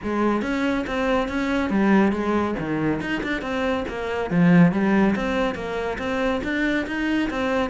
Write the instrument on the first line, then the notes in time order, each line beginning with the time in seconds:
cello
0.03 G#3
0.42 C#4
0.86 C4
1.28 C#4
1.69 G3
2.11 G#3
2.59 D#3
3.00 D#4
3.23 D4
3.41 C4
3.88 A#3
4.30 F3
4.72 G3
5.15 C4
5.54 A#3
5.98 C4
6.43 D4
6.86 D#4
7.30 C4